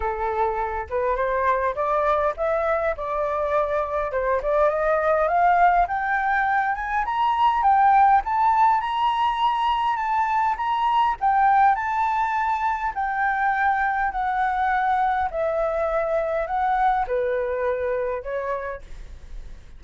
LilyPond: \new Staff \with { instrumentName = "flute" } { \time 4/4 \tempo 4 = 102 a'4. b'8 c''4 d''4 | e''4 d''2 c''8 d''8 | dis''4 f''4 g''4. gis''8 | ais''4 g''4 a''4 ais''4~ |
ais''4 a''4 ais''4 g''4 | a''2 g''2 | fis''2 e''2 | fis''4 b'2 cis''4 | }